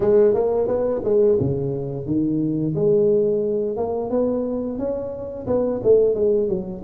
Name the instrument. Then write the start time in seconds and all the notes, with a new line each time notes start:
tuba
0.00 G#3
0.34 A#3
0.67 B3
1.04 G#3
1.40 C#3
2.06 D#3
2.75 G#3
3.76 A#3
4.10 B3
4.78 C#4
5.46 B3
5.83 A3
6.14 G#3
6.48 F#3